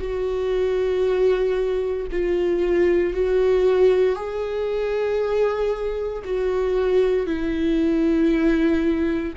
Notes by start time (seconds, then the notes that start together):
0.00 F#4
2.12 F4
3.14 F#4
4.16 G#4
6.25 F#4
7.26 E4